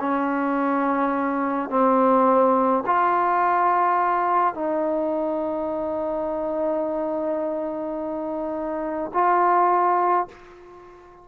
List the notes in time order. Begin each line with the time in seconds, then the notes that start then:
0.00 C#4
1.70 C4
2.86 F4
4.55 D#4
9.14 F4